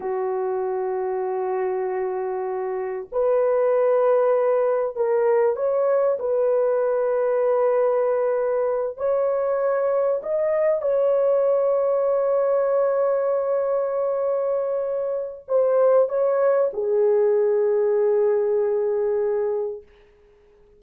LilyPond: \new Staff \with { instrumentName = "horn" } { \time 4/4 \tempo 4 = 97 fis'1~ | fis'4 b'2. | ais'4 cis''4 b'2~ | b'2~ b'8 cis''4.~ |
cis''8 dis''4 cis''2~ cis''8~ | cis''1~ | cis''4 c''4 cis''4 gis'4~ | gis'1 | }